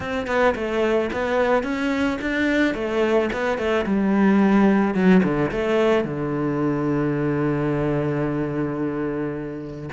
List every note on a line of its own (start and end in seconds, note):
0.00 0.26 C4
0.26 0.54 B3
0.55 1.10 A3
1.12 1.63 B3
1.63 2.18 C#4
2.21 2.74 D4
2.74 3.29 A3
3.33 3.58 B3
3.58 3.85 A3
3.85 4.94 G3
4.94 5.21 F#3
5.23 5.50 D3
5.51 6.04 A3
6.04 9.89 D3